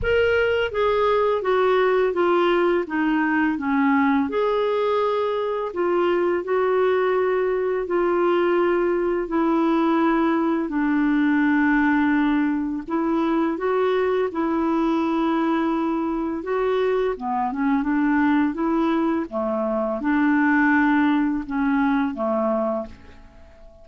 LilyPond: \new Staff \with { instrumentName = "clarinet" } { \time 4/4 \tempo 4 = 84 ais'4 gis'4 fis'4 f'4 | dis'4 cis'4 gis'2 | f'4 fis'2 f'4~ | f'4 e'2 d'4~ |
d'2 e'4 fis'4 | e'2. fis'4 | b8 cis'8 d'4 e'4 a4 | d'2 cis'4 a4 | }